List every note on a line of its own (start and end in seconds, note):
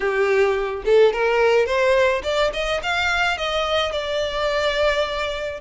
0.00 0.83 G4
0.85 1.12 A4
1.12 1.66 A#4
1.66 2.22 C5
2.23 2.51 D5
2.53 2.81 D#5
2.82 3.37 F5
3.37 3.92 D#5
3.92 5.60 D5